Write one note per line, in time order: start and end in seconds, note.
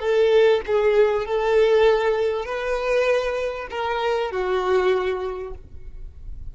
0.00 0.61 A4
0.67 1.26 G#4
1.26 2.46 A4
2.46 3.68 B4
3.71 4.32 A#4
4.32 5.54 F#4